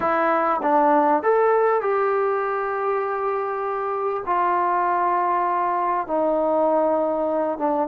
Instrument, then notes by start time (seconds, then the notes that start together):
trombone
0.00 E4
0.62 D4
1.22 A4
1.81 G4
4.26 F4
6.07 D#4
7.58 D4